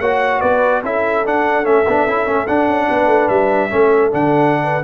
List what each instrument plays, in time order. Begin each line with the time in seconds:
0.00 tuba A#3, trombone F#4, horn C#5, trumpet F#5
0.40 tuba B3, horn B4, trumpet D5
0.84 tuba C#4, trombone E4, horn A4, trumpet E5
1.25 tuba D4, trombone D4, trumpet F#5
1.64 tuba A3, trombone C#4, trumpet E5
1.88 tuba B3, trombone D4
2.07 tuba C#4, trombone E4
2.27 tuba A3, trombone C#4
2.47 trombone D4, tuba D4, trumpet F#5
2.68 tuba C#4
2.88 tuba B3, horn B4
3.07 tuba A3
3.29 tuba G3, trumpet E5
3.70 tuba A3, trombone C#4, horn A4
4.11 tuba D3, trombone D4, trumpet F#5
4.64 horn B4